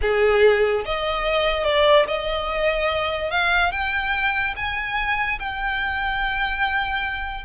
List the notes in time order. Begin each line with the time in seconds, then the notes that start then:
0.01 G#4
0.85 D#5
1.64 D5
2.07 D#5
3.30 F5
3.71 G5
4.56 G#5
5.39 G5